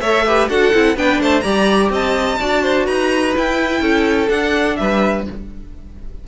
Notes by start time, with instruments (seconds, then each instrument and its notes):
0.00 cello A3, viola A4, violin C#5 E5
0.26 viola G4, violin B4
0.49 cello D4, viola F#4, violin A4 F#5
0.73 cello C4, viola E4
0.96 cello B3, viola D4, violin B4 G5
1.20 cello A3, violin C5 A5
1.41 cello G3, viola G4, violin D5 A#5
1.90 cello C4, violin D#5 A5
2.39 cello D4, viola F#4, violin D5
2.62 violin C5
2.85 cello D#4, violin B4 A#5
3.34 viola E4, cello E4, violin G5
3.81 cello C#4, violin A4
4.28 viola D4, cello D4, violin F#5
4.76 cello G3, violin B4 E5